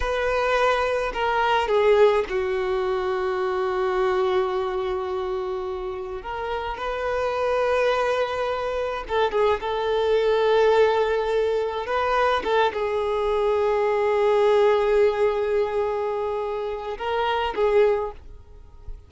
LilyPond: \new Staff \with { instrumentName = "violin" } { \time 4/4 \tempo 4 = 106 b'2 ais'4 gis'4 | fis'1~ | fis'2. ais'4 | b'1 |
a'8 gis'8 a'2.~ | a'4 b'4 a'8 gis'4.~ | gis'1~ | gis'2 ais'4 gis'4 | }